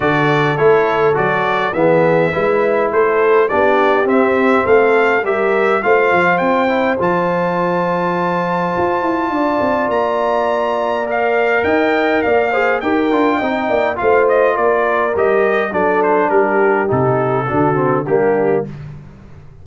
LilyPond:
<<
  \new Staff \with { instrumentName = "trumpet" } { \time 4/4 \tempo 4 = 103 d''4 cis''4 d''4 e''4~ | e''4 c''4 d''4 e''4 | f''4 e''4 f''4 g''4 | a''1~ |
a''4 ais''2 f''4 | g''4 f''4 g''2 | f''8 dis''8 d''4 dis''4 d''8 c''8 | ais'4 a'2 g'4 | }
  \new Staff \with { instrumentName = "horn" } { \time 4/4 a'2. gis'4 | b'4 a'4 g'2 | a'4 ais'4 c''2~ | c''1 |
d''1 | dis''4 d''8 c''8 ais'4 dis''8 d''8 | c''4 ais'2 a'4 | g'2 fis'4 d'4 | }
  \new Staff \with { instrumentName = "trombone" } { \time 4/4 fis'4 e'4 fis'4 b4 | e'2 d'4 c'4~ | c'4 g'4 f'4. e'8 | f'1~ |
f'2. ais'4~ | ais'4. gis'8 g'8 f'8 dis'4 | f'2 g'4 d'4~ | d'4 dis'4 d'8 c'8 ais4 | }
  \new Staff \with { instrumentName = "tuba" } { \time 4/4 d4 a4 fis4 e4 | gis4 a4 b4 c'4 | a4 g4 a8 f8 c'4 | f2. f'8 e'8 |
d'8 c'8 ais2. | dis'4 ais4 dis'8 d'8 c'8 ais8 | a4 ais4 g4 fis4 | g4 c4 d4 g4 | }
>>